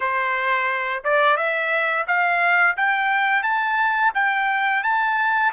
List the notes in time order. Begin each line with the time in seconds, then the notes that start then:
0.00 C5
1.04 D5
1.36 E5
2.07 F5
2.76 G5
3.43 A5
4.14 G5
4.83 A5